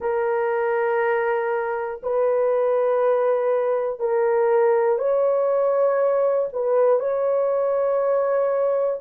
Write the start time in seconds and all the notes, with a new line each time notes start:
0.00 A#4
2.02 B4
4.00 A#4
4.98 C#5
6.53 B4
6.99 C#5